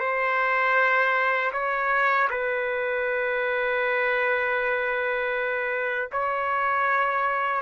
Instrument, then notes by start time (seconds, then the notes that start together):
trumpet
0.00 C5
1.53 C#5
2.30 B4
6.12 C#5